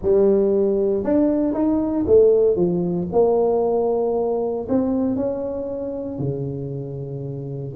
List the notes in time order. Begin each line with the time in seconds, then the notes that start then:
0.01 G3
1.03 D4
1.53 D#4
2.06 A3
2.56 F3
3.12 A#3
4.68 C4
5.16 C#4
6.18 C#3